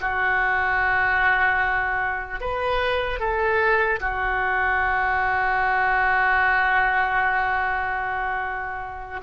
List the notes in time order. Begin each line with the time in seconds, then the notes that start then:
0.00 F#4
2.40 B4
3.19 A4
4.00 F#4